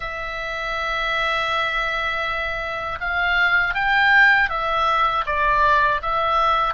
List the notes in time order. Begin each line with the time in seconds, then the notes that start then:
0.00 E5
3.00 F5
3.74 G5
4.49 E5
5.26 D5
6.02 E5